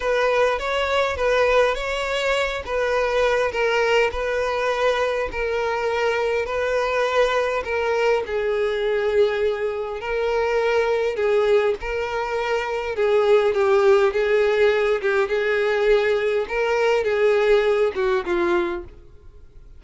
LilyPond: \new Staff \with { instrumentName = "violin" } { \time 4/4 \tempo 4 = 102 b'4 cis''4 b'4 cis''4~ | cis''8 b'4. ais'4 b'4~ | b'4 ais'2 b'4~ | b'4 ais'4 gis'2~ |
gis'4 ais'2 gis'4 | ais'2 gis'4 g'4 | gis'4. g'8 gis'2 | ais'4 gis'4. fis'8 f'4 | }